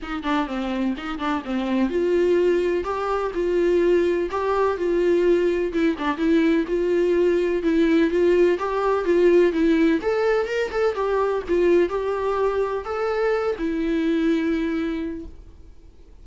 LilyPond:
\new Staff \with { instrumentName = "viola" } { \time 4/4 \tempo 4 = 126 dis'8 d'8 c'4 dis'8 d'8 c'4 | f'2 g'4 f'4~ | f'4 g'4 f'2 | e'8 d'8 e'4 f'2 |
e'4 f'4 g'4 f'4 | e'4 a'4 ais'8 a'8 g'4 | f'4 g'2 a'4~ | a'8 e'2.~ e'8 | }